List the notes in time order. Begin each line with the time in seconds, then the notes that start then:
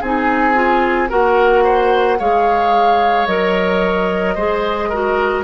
0.00 C4 D#4 G#4 G#5
0.53 F4
1.09 A#3 F#4 A#4 F#5
1.64 C5
2.18 G#3 G#4 C#5 F5
3.26 F#3 A#4 D#5
4.35 G#3 G#4 C5
4.89 F#4 A#4